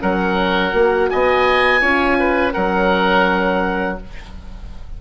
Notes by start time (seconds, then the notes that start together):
0.00 F#3 C#4 A#4 F#5
0.72 A#3 F#4
1.10 B3 D#5 G#5
1.80 C#4 F4 C#5
2.19 B4
2.53 F#3 C#4 A#4 F#5